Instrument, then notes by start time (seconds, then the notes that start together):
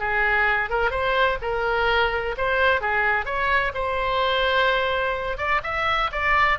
oboe
0.00 G#4
0.71 A#4
0.91 C5
1.42 A#4
2.38 C5
2.81 G#4
3.26 C#5
3.75 C5
5.38 D5
5.64 E5
6.12 D5